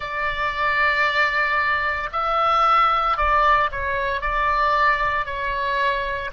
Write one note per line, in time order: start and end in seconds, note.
0.00 2.09 D5
2.12 3.17 E5
3.17 3.69 D5
3.71 4.21 C#5
4.21 5.25 D5
5.25 6.31 C#5